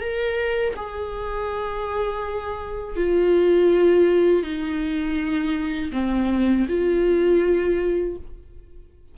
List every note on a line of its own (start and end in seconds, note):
0.00 0.74 A#4
0.76 2.96 G#4
2.96 4.43 F4
4.43 5.91 D#4
5.92 6.66 C4
6.68 8.16 F4